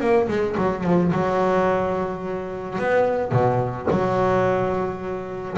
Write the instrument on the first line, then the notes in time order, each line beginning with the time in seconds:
double bass
0.00 A#3
0.28 G#3
0.57 F#3
0.84 F3
1.12 F#3
2.79 B3
3.31 B2
3.90 F#3